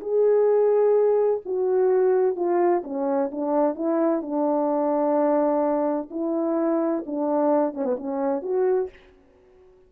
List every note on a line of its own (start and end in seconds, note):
0.00 1.41 G#4
1.45 2.36 F#4
2.36 2.83 F4
2.84 3.31 C#4
3.31 3.75 D4
3.75 4.22 E4
4.22 6.09 D4
6.10 7.04 E4
7.06 7.73 D4
7.73 7.85 C#4
7.85 7.96 B3
7.96 8.42 C#4
8.42 8.89 F#4